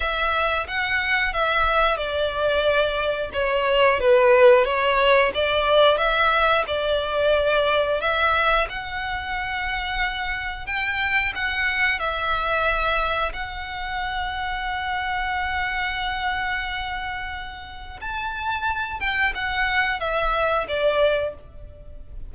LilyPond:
\new Staff \with { instrumentName = "violin" } { \time 4/4 \tempo 4 = 90 e''4 fis''4 e''4 d''4~ | d''4 cis''4 b'4 cis''4 | d''4 e''4 d''2 | e''4 fis''2. |
g''4 fis''4 e''2 | fis''1~ | fis''2. a''4~ | a''8 g''8 fis''4 e''4 d''4 | }